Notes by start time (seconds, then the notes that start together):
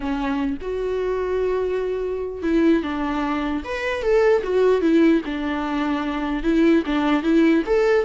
0.00 C#4
0.61 F#4
2.42 E4
2.82 D4
3.64 B4
4.02 A4
4.43 F#4
4.81 E4
5.25 D4
6.43 E4
6.86 D4
7.23 E4
7.66 A4